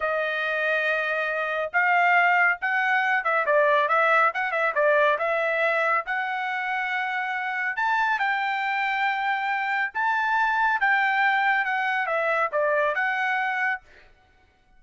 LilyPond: \new Staff \with { instrumentName = "trumpet" } { \time 4/4 \tempo 4 = 139 dis''1 | f''2 fis''4. e''8 | d''4 e''4 fis''8 e''8 d''4 | e''2 fis''2~ |
fis''2 a''4 g''4~ | g''2. a''4~ | a''4 g''2 fis''4 | e''4 d''4 fis''2 | }